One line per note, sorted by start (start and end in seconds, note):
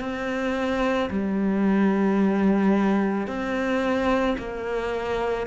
0.00 1.09 C4
1.10 3.27 G3
3.27 4.36 C4
4.38 5.47 A#3